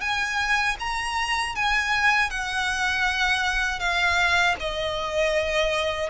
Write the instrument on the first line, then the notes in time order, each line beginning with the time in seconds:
violin
0.00 G#5
0.79 A#5
1.55 G#5
2.30 F#5
3.79 F5
4.59 D#5